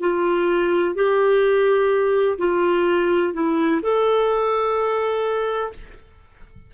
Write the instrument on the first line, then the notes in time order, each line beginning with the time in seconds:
clarinet
0.00 F4
0.94 G4
2.38 F4
3.33 E4
3.82 A4